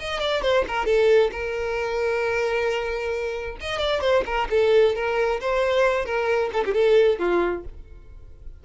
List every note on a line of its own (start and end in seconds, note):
0.00 0.20 D#5
0.20 0.43 D5
0.43 0.65 C5
0.68 0.86 A#4
0.86 1.31 A4
1.32 3.58 A#4
3.61 3.79 D#5
3.79 4.02 D5
4.02 4.24 C5
4.26 4.49 A#4
4.51 4.96 A4
4.96 5.41 A#4
5.41 6.06 C5
6.06 6.51 A#4
6.53 6.65 A4
6.65 6.74 G4
6.74 7.19 A4
7.20 7.65 F4